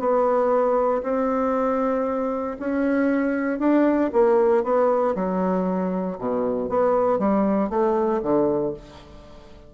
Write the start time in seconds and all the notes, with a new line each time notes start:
0.00 B3
1.03 C4
2.60 C#4
3.60 D4
4.14 A#3
4.64 B3
5.16 F#3
6.19 B2
6.70 B3
7.19 G3
7.70 A3
8.23 D3